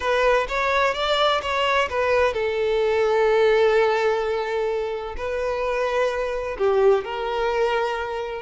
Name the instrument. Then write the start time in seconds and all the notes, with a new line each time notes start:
violin
0.00 B4
0.48 C#5
0.94 D5
1.42 C#5
1.89 B4
2.33 A4
5.16 B4
6.58 G4
7.04 A#4